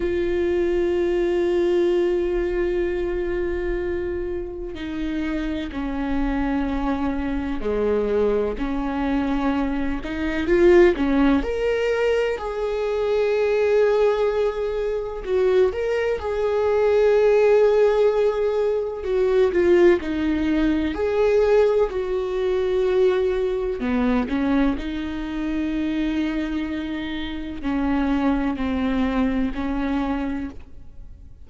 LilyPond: \new Staff \with { instrumentName = "viola" } { \time 4/4 \tempo 4 = 63 f'1~ | f'4 dis'4 cis'2 | gis4 cis'4. dis'8 f'8 cis'8 | ais'4 gis'2. |
fis'8 ais'8 gis'2. | fis'8 f'8 dis'4 gis'4 fis'4~ | fis'4 b8 cis'8 dis'2~ | dis'4 cis'4 c'4 cis'4 | }